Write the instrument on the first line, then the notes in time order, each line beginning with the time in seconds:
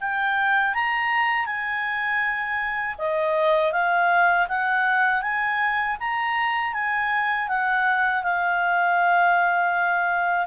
clarinet
0.00 G5
0.74 A#5
1.46 G#5
2.98 D#5
3.72 F5
4.48 F#5
5.22 G#5
6.00 A#5
6.73 G#5
7.48 F#5
8.23 F5